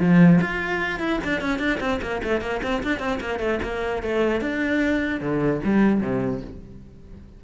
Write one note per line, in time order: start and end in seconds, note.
0.00 0.40 F3
0.41 0.99 F4
0.99 1.19 E4
1.24 1.41 D4
1.41 1.59 C#4
1.59 1.79 D4
1.81 2.01 C4
2.02 2.22 A#3
2.24 2.41 A3
2.41 2.61 A#3
2.63 2.83 C4
2.83 3.00 D4
3.00 3.20 C4
3.21 3.40 A#3
3.40 3.60 A3
3.63 4.03 A#3
4.03 4.41 A3
4.41 5.21 D4
5.21 5.61 D3
5.65 6.01 G3
6.01 6.41 C3